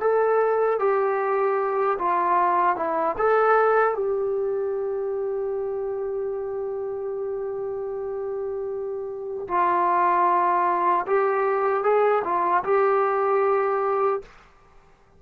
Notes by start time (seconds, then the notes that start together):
0.00 A4
0.79 G4
1.98 F4
2.76 E4
3.18 A4
3.94 G4
9.48 F4
11.06 G4
11.83 G#4
12.24 F4
12.64 G4